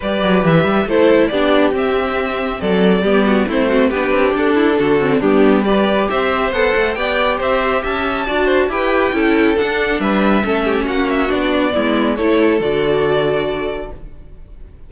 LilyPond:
<<
  \new Staff \with { instrumentName = "violin" } { \time 4/4 \tempo 4 = 138 d''4 e''4 c''4 d''4 | e''2 d''2 | c''4 b'4 a'2 | g'4 d''4 e''4 fis''4 |
g''4 e''4 a''2 | g''2 fis''4 e''4~ | e''4 fis''8 e''8 d''2 | cis''4 d''2. | }
  \new Staff \with { instrumentName = "violin" } { \time 4/4 b'2 a'4 g'4~ | g'2 a'4 g'8 fis'8 | e'8 fis'8 g'4. e'8 fis'4 | d'4 b'4 c''2 |
d''4 c''4 e''4 d''8 c''8 | b'4 a'2 b'4 | a'8 g'8 fis'2 e'4 | a'1 | }
  \new Staff \with { instrumentName = "viola" } { \time 4/4 g'2 e'4 d'4 | c'2. b4 | c'4 d'2~ d'8 c'8 | b4 g'2 a'4 |
g'2. fis'4 | g'4 e'4 d'2 | cis'2 d'4 b4 | e'4 fis'2. | }
  \new Staff \with { instrumentName = "cello" } { \time 4/4 g8 fis8 e8 g8 a4 b4 | c'2 fis4 g4 | a4 b8 c'8 d'4 d4 | g2 c'4 b8 a8 |
b4 c'4 cis'4 d'4 | e'4 cis'4 d'4 g4 | a4 ais4 b4 gis4 | a4 d2. | }
>>